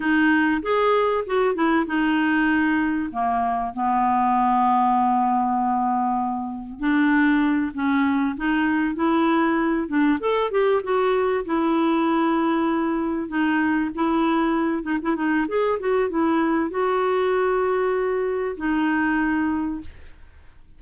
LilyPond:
\new Staff \with { instrumentName = "clarinet" } { \time 4/4 \tempo 4 = 97 dis'4 gis'4 fis'8 e'8 dis'4~ | dis'4 ais4 b2~ | b2. d'4~ | d'8 cis'4 dis'4 e'4. |
d'8 a'8 g'8 fis'4 e'4.~ | e'4. dis'4 e'4. | dis'16 e'16 dis'8 gis'8 fis'8 e'4 fis'4~ | fis'2 dis'2 | }